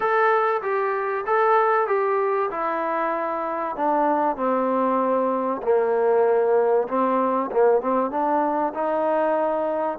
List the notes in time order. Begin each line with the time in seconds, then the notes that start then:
0.00 A4
0.62 G4
1.26 A4
1.87 G4
2.51 E4
3.76 D4
4.36 C4
5.62 A#3
6.88 C4
7.51 A#3
7.81 C4
8.10 D4
8.74 D#4